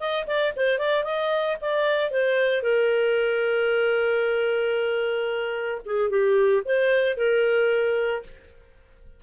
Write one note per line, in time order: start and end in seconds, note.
0.00 0.27 D#5
0.27 0.54 D5
0.57 0.79 C5
0.79 1.05 D5
1.05 1.58 D#5
1.61 2.11 D5
2.11 2.63 C5
2.63 5.82 A#4
5.86 6.10 G#4
6.10 6.63 G4
6.65 7.17 C5
7.17 8.23 A#4